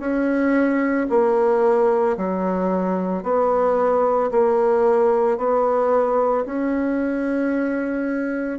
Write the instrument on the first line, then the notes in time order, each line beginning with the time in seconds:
bassoon
0.00 C#4
1.10 A#3
2.18 F#3
3.24 B3
4.31 A#3
5.38 B3
6.46 C#4